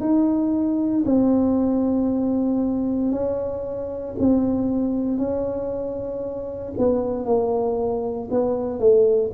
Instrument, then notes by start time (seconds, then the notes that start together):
tuba
0.00 D#4
1.06 C4
3.12 C#4
4.19 C4
5.18 C#4
6.78 B3
7.25 A#3
8.30 B3
8.79 A3